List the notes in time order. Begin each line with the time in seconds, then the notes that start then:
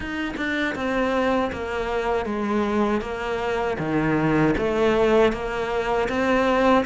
0.00 D#4
0.36 D4
0.75 C4
1.52 A#3
2.25 G#3
3.01 A#3
3.78 D#3
4.57 A3
5.32 A#3
6.08 C4